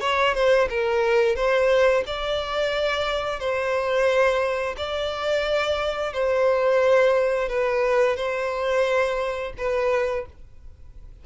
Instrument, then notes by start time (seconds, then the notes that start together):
violin
0.00 C#5
0.34 C5
0.69 A#4
1.35 C5
2.06 D5
3.39 C5
4.77 D5
6.13 C5
7.48 B4
8.16 C5
9.57 B4